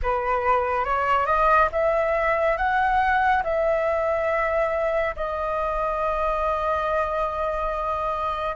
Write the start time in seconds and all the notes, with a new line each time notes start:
0.02 B4
0.85 C#5
1.25 D#5
1.71 E5
2.57 F#5
3.43 E5
5.15 D#5